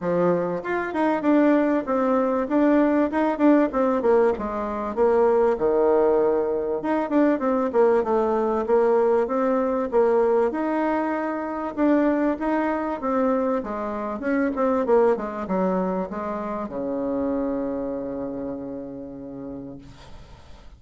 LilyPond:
\new Staff \with { instrumentName = "bassoon" } { \time 4/4 \tempo 4 = 97 f4 f'8 dis'8 d'4 c'4 | d'4 dis'8 d'8 c'8 ais8 gis4 | ais4 dis2 dis'8 d'8 | c'8 ais8 a4 ais4 c'4 |
ais4 dis'2 d'4 | dis'4 c'4 gis4 cis'8 c'8 | ais8 gis8 fis4 gis4 cis4~ | cis1 | }